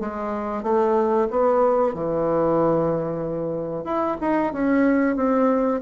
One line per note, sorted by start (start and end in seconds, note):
0.00 0.63 G#3
0.63 1.28 A3
1.30 1.94 B3
1.94 3.84 E3
3.84 4.17 E4
4.21 4.53 D#4
4.53 5.16 C#4
5.16 5.81 C4